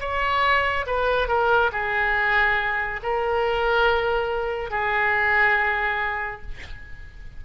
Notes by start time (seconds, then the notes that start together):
0.00 C#5
0.86 B4
1.28 A#4
1.72 G#4
3.03 A#4
4.70 G#4